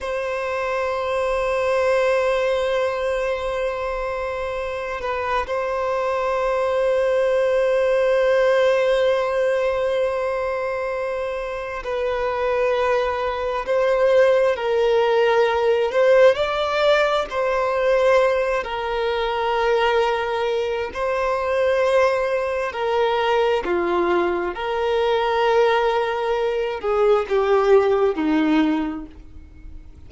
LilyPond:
\new Staff \with { instrumentName = "violin" } { \time 4/4 \tempo 4 = 66 c''1~ | c''4. b'8 c''2~ | c''1~ | c''4 b'2 c''4 |
ais'4. c''8 d''4 c''4~ | c''8 ais'2~ ais'8 c''4~ | c''4 ais'4 f'4 ais'4~ | ais'4. gis'8 g'4 dis'4 | }